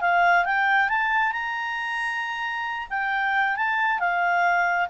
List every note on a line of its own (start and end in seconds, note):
0.00 0.44 F5
0.45 0.89 G5
0.89 1.32 A5
1.32 2.87 A#5
2.89 3.56 G5
3.56 3.99 A5
3.99 4.88 F5